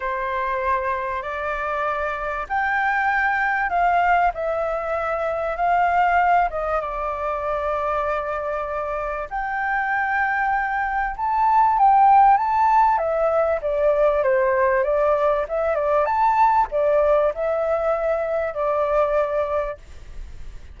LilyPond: \new Staff \with { instrumentName = "flute" } { \time 4/4 \tempo 4 = 97 c''2 d''2 | g''2 f''4 e''4~ | e''4 f''4. dis''8 d''4~ | d''2. g''4~ |
g''2 a''4 g''4 | a''4 e''4 d''4 c''4 | d''4 e''8 d''8 a''4 d''4 | e''2 d''2 | }